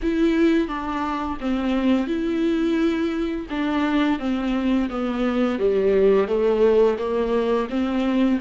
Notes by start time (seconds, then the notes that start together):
0.02 E4
0.68 D4
1.40 C4
2.07 E4
3.49 D4
4.19 C4
4.89 B3
5.58 G3
6.27 A3
6.98 A#3
7.69 C4